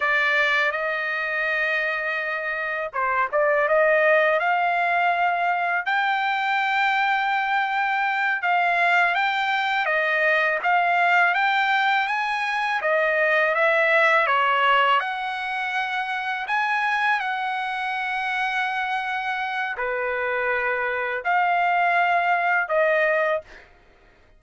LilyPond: \new Staff \with { instrumentName = "trumpet" } { \time 4/4 \tempo 4 = 82 d''4 dis''2. | c''8 d''8 dis''4 f''2 | g''2.~ g''8 f''8~ | f''8 g''4 dis''4 f''4 g''8~ |
g''8 gis''4 dis''4 e''4 cis''8~ | cis''8 fis''2 gis''4 fis''8~ | fis''2. b'4~ | b'4 f''2 dis''4 | }